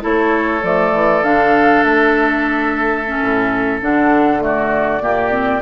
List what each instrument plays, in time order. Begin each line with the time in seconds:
0.00 bassoon A3, clarinet E4, oboe A4, flute C#5
0.62 bassoon F3, clarinet A3, flute D5
0.93 bassoon E3
1.23 bassoon D3, clarinet D4, flute F5
1.83 bassoon A3, flute E5
3.07 clarinet C#4
3.22 bassoon A2
3.81 bassoon D3, clarinet D4, flute F#5
4.39 clarinet A3, oboe F#4, flute D5
5.01 bassoon A#2, clarinet A#3, oboe G4
5.30 clarinet C4